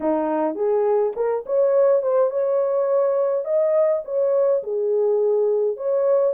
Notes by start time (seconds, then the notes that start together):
0.00 D#4
0.55 G#4
1.16 A#4
1.46 C#5
2.02 C5
2.30 C#5
3.44 D#5
4.05 C#5
4.63 G#4
5.76 C#5